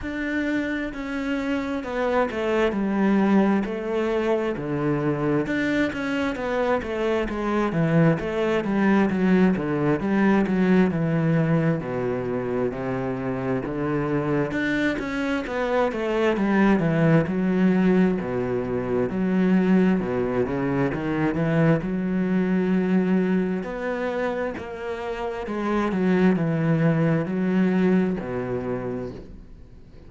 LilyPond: \new Staff \with { instrumentName = "cello" } { \time 4/4 \tempo 4 = 66 d'4 cis'4 b8 a8 g4 | a4 d4 d'8 cis'8 b8 a8 | gis8 e8 a8 g8 fis8 d8 g8 fis8 | e4 b,4 c4 d4 |
d'8 cis'8 b8 a8 g8 e8 fis4 | b,4 fis4 b,8 cis8 dis8 e8 | fis2 b4 ais4 | gis8 fis8 e4 fis4 b,4 | }